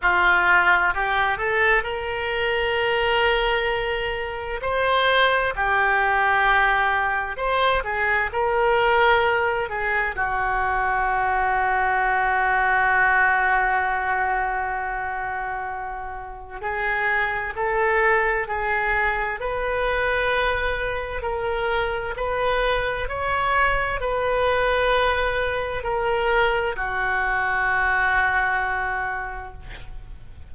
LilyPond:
\new Staff \with { instrumentName = "oboe" } { \time 4/4 \tempo 4 = 65 f'4 g'8 a'8 ais'2~ | ais'4 c''4 g'2 | c''8 gis'8 ais'4. gis'8 fis'4~ | fis'1~ |
fis'2 gis'4 a'4 | gis'4 b'2 ais'4 | b'4 cis''4 b'2 | ais'4 fis'2. | }